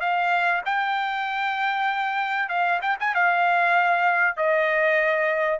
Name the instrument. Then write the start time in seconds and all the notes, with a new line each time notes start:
trumpet
0.00 F5
0.65 G5
2.49 F5
2.82 G5
3.00 G#5
3.15 F5
4.37 D#5